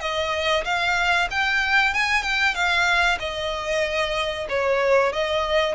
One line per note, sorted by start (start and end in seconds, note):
0.00 0.64 D#5
0.64 1.28 F5
1.30 1.94 G5
1.94 2.23 G#5
2.23 2.54 G5
2.54 3.18 F5
3.19 4.47 D#5
4.49 5.12 C#5
5.12 5.75 D#5